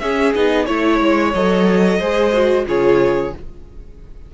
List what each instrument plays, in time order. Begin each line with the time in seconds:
0.00 cello C#4, viola C#4, violin G#4 E5
0.35 cello B3, viola D#4, violin D#5
0.66 cello A3, viola E4, violin C#5
1.01 cello G#3
1.34 cello F#3, viola A4, violin D#5
1.99 cello G#3, viola G#4, violin C5
2.34 viola F#4
2.67 cello C#3, viola F4, violin G#4 C#5